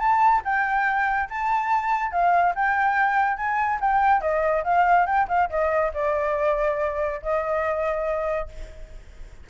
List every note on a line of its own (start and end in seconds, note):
0.00 0.42 A5
0.45 1.30 G5
1.30 2.12 A5
2.12 2.54 F5
2.56 3.38 G5
3.38 3.80 G#5
3.81 4.22 G5
4.22 4.64 D#5
4.65 5.07 F5
5.07 5.28 G5
5.29 5.50 F5
5.50 5.93 D#5
5.94 7.21 D5
7.23 8.49 D#5